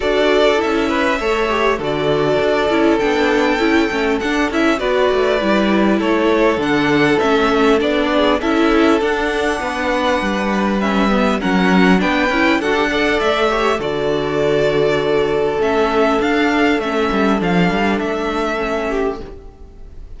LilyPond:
<<
  \new Staff \with { instrumentName = "violin" } { \time 4/4 \tempo 4 = 100 d''4 e''2 d''4~ | d''4 g''2 fis''8 e''8 | d''2 cis''4 fis''4 | e''4 d''4 e''4 fis''4~ |
fis''2 e''4 fis''4 | g''4 fis''4 e''4 d''4~ | d''2 e''4 f''4 | e''4 f''4 e''2 | }
  \new Staff \with { instrumentName = "violin" } { \time 4/4 a'4. b'8 cis''4 a'4~ | a'1 | b'2 a'2~ | a'4. gis'8 a'2 |
b'2. ais'4 | b'4 a'8 d''4 cis''8 a'4~ | a'1~ | a'2.~ a'8 g'8 | }
  \new Staff \with { instrumentName = "viola" } { \time 4/4 fis'4 e'4 a'8 g'8 fis'4~ | fis'8 e'8 d'4 e'8 cis'8 d'8 e'8 | fis'4 e'2 d'4 | cis'4 d'4 e'4 d'4~ |
d'2 cis'8 b8 cis'4 | d'8 e'8 fis'16 g'16 a'4 g'8 fis'4~ | fis'2 cis'4 d'4 | cis'4 d'2 cis'4 | }
  \new Staff \with { instrumentName = "cello" } { \time 4/4 d'4 cis'4 a4 d4 | d'8 cis'8 b4 cis'8 a8 d'8 cis'8 | b8 a8 g4 a4 d4 | a4 b4 cis'4 d'4 |
b4 g2 fis4 | b8 cis'8 d'4 a4 d4~ | d2 a4 d'4 | a8 g8 f8 g8 a2 | }
>>